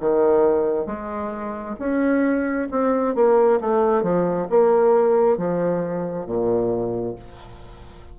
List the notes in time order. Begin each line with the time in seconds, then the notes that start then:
0.00 D#3
0.86 G#3
1.79 C#4
2.72 C4
3.15 A#3
3.61 A3
4.03 F3
4.50 A#3
5.37 F3
6.26 A#2